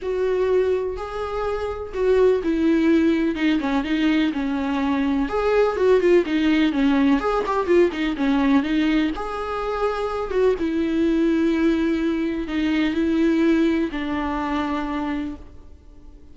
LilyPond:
\new Staff \with { instrumentName = "viola" } { \time 4/4 \tempo 4 = 125 fis'2 gis'2 | fis'4 e'2 dis'8 cis'8 | dis'4 cis'2 gis'4 | fis'8 f'8 dis'4 cis'4 gis'8 g'8 |
f'8 dis'8 cis'4 dis'4 gis'4~ | gis'4. fis'8 e'2~ | e'2 dis'4 e'4~ | e'4 d'2. | }